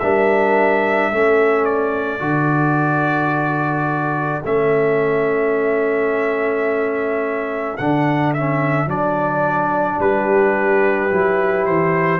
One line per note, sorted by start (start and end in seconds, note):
0.00 1.12 G3
0.00 1.13 D4
0.00 1.13 A#4
0.00 1.65 E5
1.12 2.21 A3
1.12 2.19 C#4
1.12 10.02 A4
1.65 4.43 D5
2.19 4.43 D3
2.19 4.42 F#4
4.45 7.78 A3
4.45 7.78 C#4
4.45 7.77 E5
7.77 8.87 D3
7.77 8.36 D4
7.77 8.33 F#5
8.34 8.88 C#4
8.34 8.89 E5
8.87 9.98 F#3
8.87 11.10 D4
8.87 10.01 D5
10.00 11.11 G3
10.00 12.20 G4
10.00 11.66 B4
11.11 11.67 F#3
11.11 12.20 E4
11.66 12.20 E3
11.66 12.20 C5